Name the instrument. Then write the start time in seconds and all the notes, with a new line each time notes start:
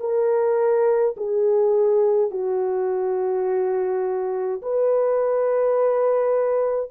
horn
0.00 A#4
1.16 G#4
2.31 F#4
4.62 B4